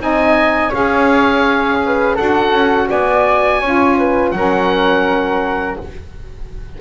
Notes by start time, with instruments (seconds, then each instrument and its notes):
0.00 double bass C4, saxophone D#4, flute D#5, oboe G#5
0.70 double bass C#4, saxophone G#4, flute C#5, oboe F5
1.86 flute B4
2.15 double bass D4, saxophone F#4, flute A4, oboe F#5
2.53 double bass C#4
2.90 double bass B3, flute D5, oboe G#5
3.61 double bass C#4, saxophone F4, flute C#5
3.98 flute B4
4.31 double bass F#3, saxophone C#4, flute A#4, oboe F#5